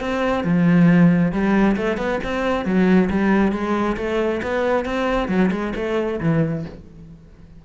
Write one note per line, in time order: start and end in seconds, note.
0.00 0.44 C4
0.44 1.32 F3
1.32 1.76 G3
1.76 1.97 A3
1.97 2.19 B3
2.23 2.65 C4
2.65 3.09 F#3
3.10 3.52 G3
3.52 3.96 G#3
3.97 4.41 A3
4.42 4.85 B3
4.85 5.28 C4
5.28 5.50 F#3
5.51 5.73 G#3
5.76 6.20 A3
6.20 6.64 E3